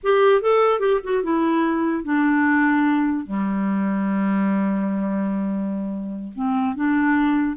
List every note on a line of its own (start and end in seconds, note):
0.03 0.41 G4
0.41 0.79 A4
0.79 1.00 G4
1.03 1.23 F#4
1.23 2.04 E4
2.04 3.25 D4
3.25 6.32 G3
6.35 6.75 C4
6.75 7.56 D4